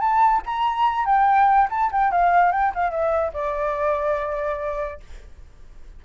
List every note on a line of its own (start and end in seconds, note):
0.00 0.42 A5
0.46 1.05 A#5
1.05 1.68 G5
1.70 1.91 A5
1.92 2.11 G5
2.11 2.52 F5
2.52 2.72 G5
2.74 2.90 F5
2.90 3.32 E5
3.33 5.00 D5